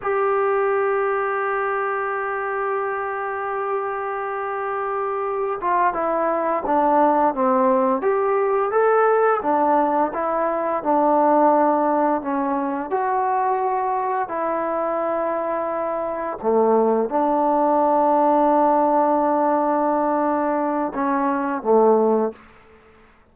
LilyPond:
\new Staff \with { instrumentName = "trombone" } { \time 4/4 \tempo 4 = 86 g'1~ | g'1 | f'8 e'4 d'4 c'4 g'8~ | g'8 a'4 d'4 e'4 d'8~ |
d'4. cis'4 fis'4.~ | fis'8 e'2. a8~ | a8 d'2.~ d'8~ | d'2 cis'4 a4 | }